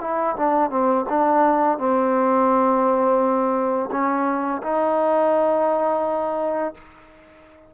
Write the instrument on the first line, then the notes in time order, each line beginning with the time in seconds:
trombone
0.00 E4
0.36 D4
0.70 C4
1.09 D4
1.78 C4
3.91 C#4
4.62 D#4